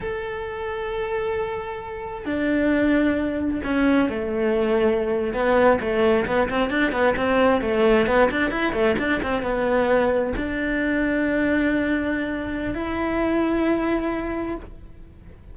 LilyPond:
\new Staff \with { instrumentName = "cello" } { \time 4/4 \tempo 4 = 132 a'1~ | a'4 d'2. | cis'4 a2~ a8. b16~ | b8. a4 b8 c'8 d'8 b8 c'16~ |
c'8. a4 b8 d'8 e'8 a8 d'16~ | d'16 c'8 b2 d'4~ d'16~ | d'1 | e'1 | }